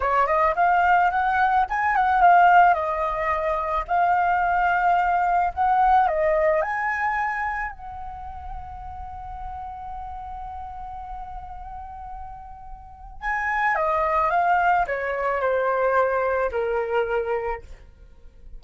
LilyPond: \new Staff \with { instrumentName = "flute" } { \time 4/4 \tempo 4 = 109 cis''8 dis''8 f''4 fis''4 gis''8 fis''8 | f''4 dis''2 f''4~ | f''2 fis''4 dis''4 | gis''2 fis''2~ |
fis''1~ | fis''1 | gis''4 dis''4 f''4 cis''4 | c''2 ais'2 | }